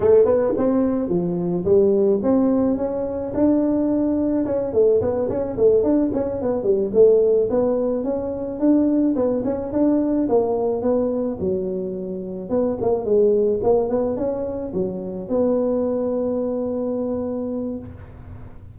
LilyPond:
\new Staff \with { instrumentName = "tuba" } { \time 4/4 \tempo 4 = 108 a8 b8 c'4 f4 g4 | c'4 cis'4 d'2 | cis'8 a8 b8 cis'8 a8 d'8 cis'8 b8 | g8 a4 b4 cis'4 d'8~ |
d'8 b8 cis'8 d'4 ais4 b8~ | b8 fis2 b8 ais8 gis8~ | gis8 ais8 b8 cis'4 fis4 b8~ | b1 | }